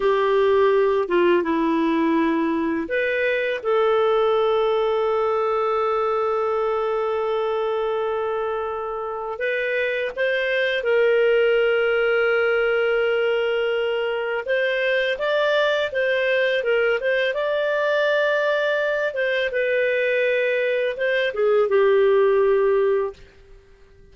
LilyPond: \new Staff \with { instrumentName = "clarinet" } { \time 4/4 \tempo 4 = 83 g'4. f'8 e'2 | b'4 a'2.~ | a'1~ | a'4 b'4 c''4 ais'4~ |
ais'1 | c''4 d''4 c''4 ais'8 c''8 | d''2~ d''8 c''8 b'4~ | b'4 c''8 gis'8 g'2 | }